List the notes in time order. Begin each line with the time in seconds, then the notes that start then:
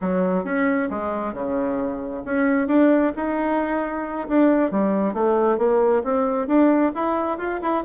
0.01 F#3
0.44 C#4
0.90 G#3
1.33 C#3
2.24 C#4
2.67 D4
3.16 D#4
4.28 D4
4.71 G3
5.13 A3
5.57 A#3
6.03 C4
6.47 D4
6.94 E4
7.38 F4
7.61 E4